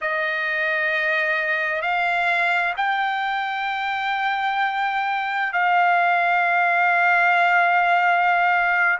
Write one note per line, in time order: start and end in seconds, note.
0.01 1.81 D#5
1.81 2.74 F5
2.77 5.52 G5
5.52 8.98 F5